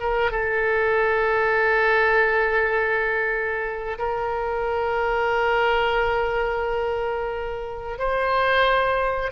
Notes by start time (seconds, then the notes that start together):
0.00 A#4
0.31 A4
3.98 A#4
7.98 C5